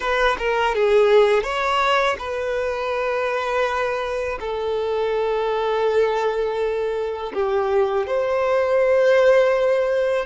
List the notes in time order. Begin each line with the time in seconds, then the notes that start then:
0.00 B4
0.38 A#4
0.75 G#4
1.43 C#5
2.19 B4
4.40 A4
7.33 G4
8.07 C5